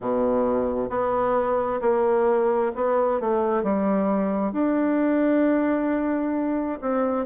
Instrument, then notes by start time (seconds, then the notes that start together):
bassoon
0.00 B2
0.89 B3
1.81 A#3
2.75 B3
3.20 A3
3.63 G3
4.52 D4
6.81 C4